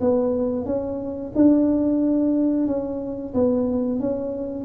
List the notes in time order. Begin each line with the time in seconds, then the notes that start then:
0.00 B3
0.65 C#4
1.35 D4
2.67 C#4
3.34 B3
3.99 C#4